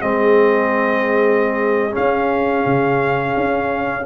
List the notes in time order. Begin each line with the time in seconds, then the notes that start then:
0.00 G#3 C4 G#4 D#5
1.92 C#4 F5
2.66 C#3
3.37 C#4